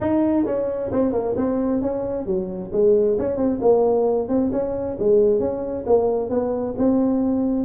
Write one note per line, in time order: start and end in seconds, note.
0.00 0.45 D#4
0.45 0.90 C#4
0.91 1.12 C4
1.12 1.35 A#3
1.36 1.81 C4
1.81 2.26 C#4
2.26 2.71 F#3
2.72 3.17 G#3
3.18 3.36 C#4
3.36 3.59 C4
3.61 4.28 A#3
4.28 4.50 C4
4.52 4.97 C#4
4.99 5.39 G#3
5.39 5.84 C#4
5.86 6.29 A#3
6.29 6.74 B3
6.77 7.65 C4